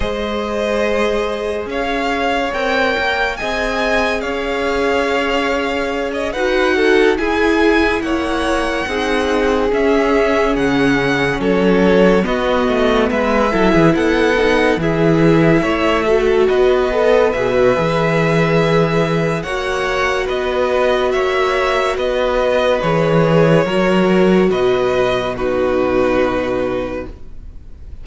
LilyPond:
<<
  \new Staff \with { instrumentName = "violin" } { \time 4/4 \tempo 4 = 71 dis''2 f''4 g''4 | gis''4 f''2~ f''16 dis''16 fis''8~ | fis''8 gis''4 fis''2 e''8~ | e''8 fis''4 cis''4 dis''4 e''8~ |
e''8 fis''4 e''2 dis''8~ | dis''8 e''2~ e''8 fis''4 | dis''4 e''4 dis''4 cis''4~ | cis''4 dis''4 b'2 | }
  \new Staff \with { instrumentName = "violin" } { \time 4/4 c''2 cis''2 | dis''4 cis''2~ cis''8 b'8 | a'8 gis'4 cis''4 gis'4.~ | gis'4. a'4 fis'4 b'8 |
a'16 gis'16 a'4 gis'4 cis''8 a'8 b'8~ | b'2. cis''4 | b'4 cis''4 b'2 | ais'4 b'4 fis'2 | }
  \new Staff \with { instrumentName = "viola" } { \time 4/4 gis'2. ais'4 | gis'2.~ gis'8 fis'8~ | fis'8 e'2 dis'4 cis'8~ | cis'2~ cis'8 b4. |
e'4 dis'8 e'4. fis'4 | a'8 gis'16 fis'16 gis'2 fis'4~ | fis'2. gis'4 | fis'2 dis'2 | }
  \new Staff \with { instrumentName = "cello" } { \time 4/4 gis2 cis'4 c'8 ais8 | c'4 cis'2~ cis'8 dis'8~ | dis'8 e'4 ais4 c'4 cis'8~ | cis'8 cis4 fis4 b8 a8 gis8 |
fis16 e16 b4 e4 a4 b8~ | b8 b,8 e2 ais4 | b4 ais4 b4 e4 | fis4 b,2. | }
>>